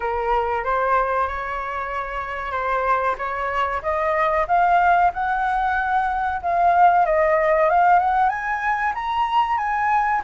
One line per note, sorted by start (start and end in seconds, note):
0.00 0.64 A#4
0.64 1.27 C5
1.27 2.51 C#5
2.51 3.15 C5
3.17 3.81 C#5
3.82 4.46 D#5
4.47 5.11 F5
5.13 6.41 F#5
6.41 7.05 F5
7.05 7.69 D#5
7.69 7.99 F5
7.99 8.29 F#5
8.29 8.93 G#5
8.94 9.57 A#5
9.57 10.21 G#5